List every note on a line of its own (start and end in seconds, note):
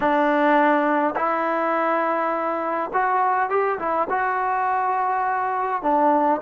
0.00 1.14 D4
1.16 2.90 E4
2.93 3.49 F#4
3.49 3.78 G4
3.78 4.08 E4
4.09 5.82 F#4
5.82 6.41 D4